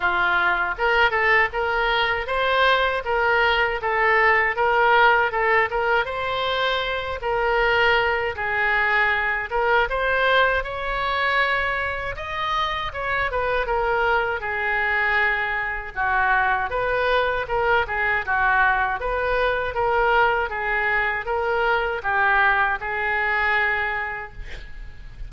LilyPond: \new Staff \with { instrumentName = "oboe" } { \time 4/4 \tempo 4 = 79 f'4 ais'8 a'8 ais'4 c''4 | ais'4 a'4 ais'4 a'8 ais'8 | c''4. ais'4. gis'4~ | gis'8 ais'8 c''4 cis''2 |
dis''4 cis''8 b'8 ais'4 gis'4~ | gis'4 fis'4 b'4 ais'8 gis'8 | fis'4 b'4 ais'4 gis'4 | ais'4 g'4 gis'2 | }